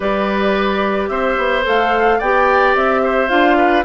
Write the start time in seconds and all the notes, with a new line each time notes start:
0.00 G3 G4 B4 D5
1.08 C4 C5 E5
1.37 B3
1.63 A3 A4 F5
2.18 B3 G4 D5 G5
2.75 C4 E5
3.03 C5
3.28 D4 F4 F5
3.57 B4